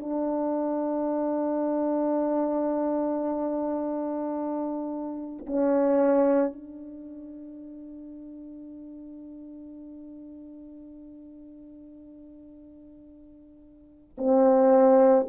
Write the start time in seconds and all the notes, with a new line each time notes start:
0.00 D4
5.47 C#4
6.53 D4
14.18 C4